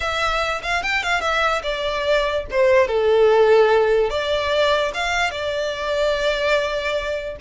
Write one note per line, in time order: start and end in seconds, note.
0.00 0.61 E5
0.62 0.82 F5
0.82 1.03 G5
1.03 1.20 F5
1.20 1.62 E5
1.62 2.45 D5
2.50 2.87 C5
2.87 4.09 A4
4.09 4.92 D5
4.94 5.31 F5
5.31 7.36 D5